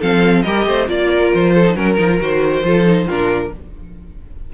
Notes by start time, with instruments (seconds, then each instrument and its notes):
0.00 cello F3, viola C4, violin A4 F5
0.43 cello G3, viola G4, violin A#4 D#5
0.66 cello A3, violin C5
0.87 cello A#3, viola F4, violin D5
1.10 violin A#4
1.35 cello F3, violin C5
1.55 violin A4
1.66 viola D#4
1.75 cello F#3, viola C#4, violin A#4
1.98 cello F3, viola D#4
2.09 viola F4
2.20 cello D#3, viola F#4, violin C5
2.64 cello F3, viola F4, violin A4
2.86 viola D#4
3.07 cello A#2, viola D4, violin F4 A#4